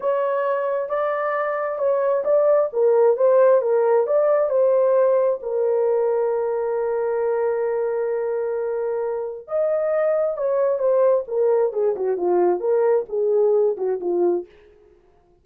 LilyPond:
\new Staff \with { instrumentName = "horn" } { \time 4/4 \tempo 4 = 133 cis''2 d''2 | cis''4 d''4 ais'4 c''4 | ais'4 d''4 c''2 | ais'1~ |
ais'1~ | ais'4 dis''2 cis''4 | c''4 ais'4 gis'8 fis'8 f'4 | ais'4 gis'4. fis'8 f'4 | }